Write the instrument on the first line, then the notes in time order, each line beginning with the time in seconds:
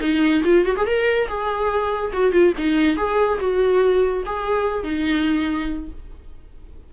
viola
0.00 D#4
0.44 F4
0.65 F#4
0.76 G#4
0.86 A#4
1.28 G#4
2.13 F#4
2.32 F4
2.57 D#4
2.97 G#4
3.40 F#4
4.25 G#4
4.83 D#4